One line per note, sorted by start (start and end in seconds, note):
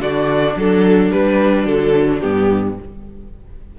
0.00 0.56 D3
0.00 1.11 D4
0.00 0.57 F#4
0.00 0.58 D5
0.56 1.12 F#3
0.56 2.79 D4
0.56 1.12 A4
1.11 1.66 G3
1.11 1.67 G3
1.11 1.67 B4
1.66 2.22 D3
1.66 2.22 F#3
1.66 2.20 A4
2.20 2.80 G2
2.20 2.78 B3
2.20 2.76 G4